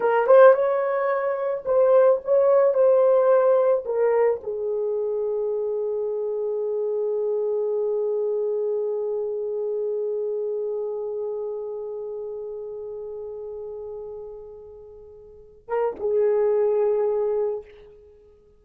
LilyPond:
\new Staff \with { instrumentName = "horn" } { \time 4/4 \tempo 4 = 109 ais'8 c''8 cis''2 c''4 | cis''4 c''2 ais'4 | gis'1~ | gis'1~ |
gis'1~ | gis'1~ | gis'1~ | gis'8 ais'8 gis'2. | }